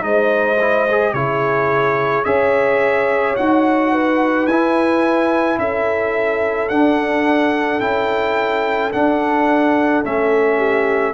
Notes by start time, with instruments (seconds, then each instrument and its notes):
0.00 tuba G#3, trombone D#4, horn C5, trumpet D#5
0.60 trombone E4
0.91 trombone G#4
1.13 tuba C#3, trombone E4, horn G#4, trumpet C#5
2.24 tuba C#4, trombone G#4, horn C#5, trumpet E5
3.36 tuba D#4, trombone F#4, trumpet F#5
3.92 horn B4
4.47 tuba E4, trombone E4, trumpet G#5
5.58 tuba C#4, horn A4, trumpet E5
6.69 tuba D4, trombone D4, trumpet F#5
7.80 tuba C#4, trombone E4, trumpet G5
8.92 trombone D4, tuba D4, trumpet F#5
10.03 tuba A3, trombone C#4, trumpet E5
10.57 horn G4